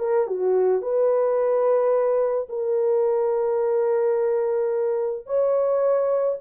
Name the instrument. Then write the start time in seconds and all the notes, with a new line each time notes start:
horn
0.00 A#4
0.27 F#4
0.82 B4
2.49 A#4
5.27 C#5